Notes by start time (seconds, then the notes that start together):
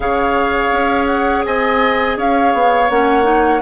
0.00 C#3 G#4 C#5 F5
0.72 C#4
1.06 F#5
1.45 C4 D#5 G#5
2.17 C#4 C#5 F5
2.53 B3
2.89 A#3 C#4 F#5
3.22 D#4